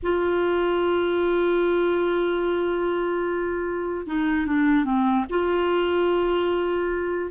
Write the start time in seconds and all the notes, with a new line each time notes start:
0.03 F4
4.07 D#4
4.46 D4
4.84 C4
5.29 F4